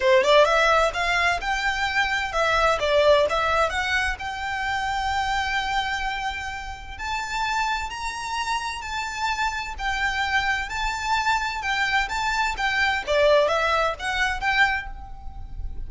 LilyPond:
\new Staff \with { instrumentName = "violin" } { \time 4/4 \tempo 4 = 129 c''8 d''8 e''4 f''4 g''4~ | g''4 e''4 d''4 e''4 | fis''4 g''2.~ | g''2. a''4~ |
a''4 ais''2 a''4~ | a''4 g''2 a''4~ | a''4 g''4 a''4 g''4 | d''4 e''4 fis''4 g''4 | }